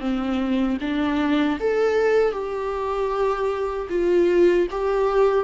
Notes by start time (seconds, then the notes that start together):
0.00 C4
0.81 D4
1.60 A4
2.32 G4
3.90 F4
4.71 G4